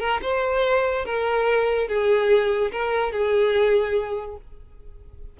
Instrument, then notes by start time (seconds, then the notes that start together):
violin
0.00 A#4
0.22 C5
1.05 A#4
1.88 G#4
2.72 A#4
3.12 G#4